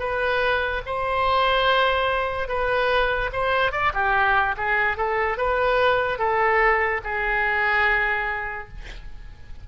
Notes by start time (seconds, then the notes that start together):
0.00 B4
0.86 C5
2.48 B4
3.33 C5
3.72 D5
3.94 G4
4.57 G#4
4.98 A4
5.38 B4
6.19 A4
7.04 G#4